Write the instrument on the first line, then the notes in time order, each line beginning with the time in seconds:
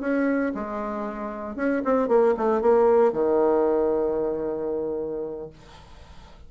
bassoon
0.00 C#4
0.54 G#3
1.56 C#4
1.84 C4
2.08 A#3
2.37 A3
2.61 A#3
3.13 D#3